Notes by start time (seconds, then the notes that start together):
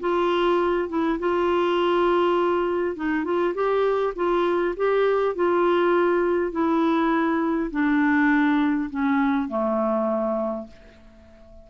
0.00 F4
0.89 E4
1.19 F4
2.96 D#4
3.24 F4
3.55 G4
4.16 F4
4.77 G4
5.35 F4
6.52 E4
7.71 D4
8.90 C#4
9.48 A3